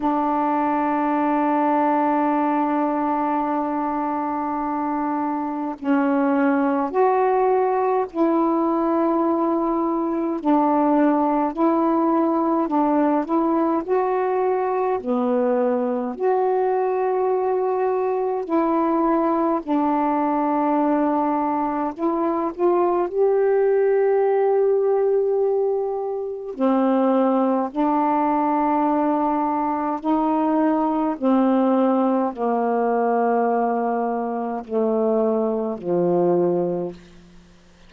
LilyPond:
\new Staff \with { instrumentName = "saxophone" } { \time 4/4 \tempo 4 = 52 d'1~ | d'4 cis'4 fis'4 e'4~ | e'4 d'4 e'4 d'8 e'8 | fis'4 b4 fis'2 |
e'4 d'2 e'8 f'8 | g'2. c'4 | d'2 dis'4 c'4 | ais2 a4 f4 | }